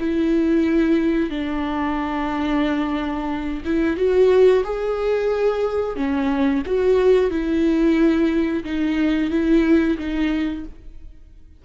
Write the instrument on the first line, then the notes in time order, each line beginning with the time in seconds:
viola
0.00 E4
1.30 D4
3.65 E4
3.97 F#4
4.65 G#4
5.96 C#4
6.66 F#4
7.31 E4
8.65 D#4
9.31 E4
9.98 D#4